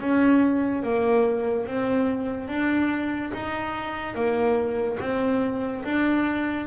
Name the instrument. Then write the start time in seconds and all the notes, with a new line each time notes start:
double bass
0.00 C#4
0.83 A#3
1.66 C4
2.48 D4
3.34 D#4
4.14 A#3
5.00 C4
5.84 D4